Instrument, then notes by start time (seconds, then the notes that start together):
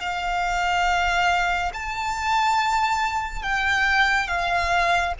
violin
0.00 F5
1.74 A5
3.42 G5
4.28 F5